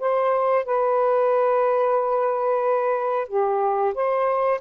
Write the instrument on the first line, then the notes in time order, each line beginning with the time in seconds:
saxophone
0.00 C5
0.66 B4
3.28 G4
3.95 C5